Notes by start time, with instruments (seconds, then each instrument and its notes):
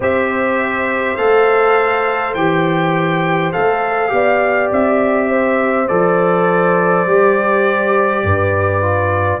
0.00 tuba C4, trombone G4, horn C5, trumpet E5
1.16 tuba A3, trombone A4, trumpet F5
2.34 tuba E3, trombone G4, trumpet G5
3.52 tuba A3, trombone A4, trumpet F5
4.09 tuba B3, trombone G4, horn D5
4.71 tuba C4, trumpet E5
5.29 horn C5
5.88 tuba F3, trombone A4, trumpet D5
7.05 tuba G3, trombone G4
8.23 tuba G2, horn B4
8.81 trombone F4